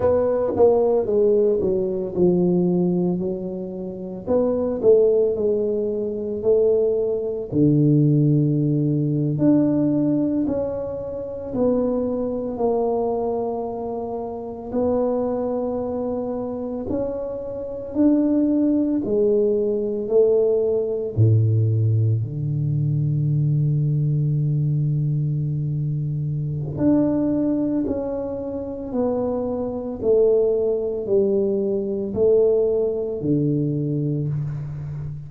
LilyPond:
\new Staff \with { instrumentName = "tuba" } { \time 4/4 \tempo 4 = 56 b8 ais8 gis8 fis8 f4 fis4 | b8 a8 gis4 a4 d4~ | d8. d'4 cis'4 b4 ais16~ | ais4.~ ais16 b2 cis'16~ |
cis'8. d'4 gis4 a4 a,16~ | a,8. d2.~ d16~ | d4 d'4 cis'4 b4 | a4 g4 a4 d4 | }